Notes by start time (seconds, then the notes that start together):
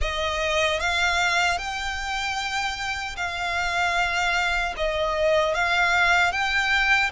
0.01 D#5
0.79 F5
1.58 G5
3.16 F5
4.77 D#5
5.54 F5
6.32 G5